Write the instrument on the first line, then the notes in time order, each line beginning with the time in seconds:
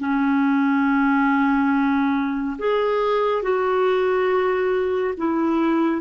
clarinet
0.00 C#4
2.59 G#4
3.43 F#4
5.18 E4